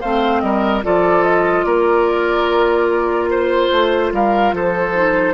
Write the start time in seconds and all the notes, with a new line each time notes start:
0.00 A3 C4 C5 F5
0.40 G3 A#4 D#5
0.82 F3 F4 A4 D5
1.23 D#5
1.63 A#3 A#4 D5
3.30 C5
3.71 A3
4.12 G3 A#4 F5
4.52 F3 A4 C5
4.94 D#4